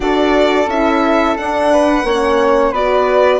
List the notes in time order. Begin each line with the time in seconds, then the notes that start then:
0.00 D4 F#4 A4 D5
0.67 C#4 E4 E5
1.36 D4 F#5
1.72 B4
2.04 A#3 C#4 C#5
2.71 B3 F#4 B4 D5